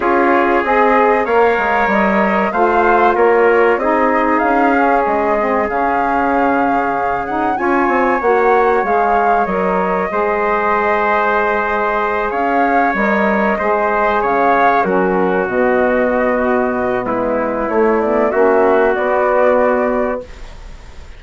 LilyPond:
<<
  \new Staff \with { instrumentName = "flute" } { \time 4/4 \tempo 4 = 95 cis''4 dis''4 f''4 dis''4 | f''4 cis''4 dis''4 f''4 | dis''4 f''2~ f''8 fis''8 | gis''4 fis''4 f''4 dis''4~ |
dis''2.~ dis''8 f''8~ | f''8 dis''2 f''4 ais'8~ | ais'8 dis''2~ dis''8 b'4 | cis''8 d''8 e''4 d''2 | }
  \new Staff \with { instrumentName = "trumpet" } { \time 4/4 gis'2 cis''2 | c''4 ais'4 gis'2~ | gis'1 | cis''1 |
c''2.~ c''8 cis''8~ | cis''4. c''4 cis''4 fis'8~ | fis'2. e'4~ | e'4 fis'2. | }
  \new Staff \with { instrumentName = "saxophone" } { \time 4/4 f'4 gis'4 ais'2 | f'2 dis'4. cis'8~ | cis'8 c'8 cis'2~ cis'8 dis'8 | f'4 fis'4 gis'4 ais'4 |
gis'1~ | gis'8 ais'4 gis'2 cis'8~ | cis'8 b2.~ b8 | a8 b8 cis'4 b2 | }
  \new Staff \with { instrumentName = "bassoon" } { \time 4/4 cis'4 c'4 ais8 gis8 g4 | a4 ais4 c'4 cis'4 | gis4 cis2. | cis'8 c'8 ais4 gis4 fis4 |
gis2.~ gis8 cis'8~ | cis'8 g4 gis4 cis4 fis8~ | fis8 b,2~ b,8 gis4 | a4 ais4 b2 | }
>>